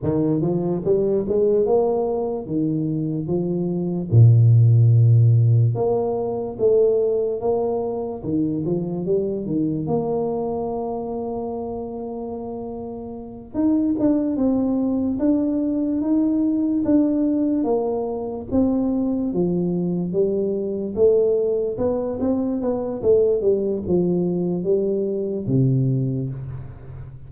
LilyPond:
\new Staff \with { instrumentName = "tuba" } { \time 4/4 \tempo 4 = 73 dis8 f8 g8 gis8 ais4 dis4 | f4 ais,2 ais4 | a4 ais4 dis8 f8 g8 dis8 | ais1~ |
ais8 dis'8 d'8 c'4 d'4 dis'8~ | dis'8 d'4 ais4 c'4 f8~ | f8 g4 a4 b8 c'8 b8 | a8 g8 f4 g4 c4 | }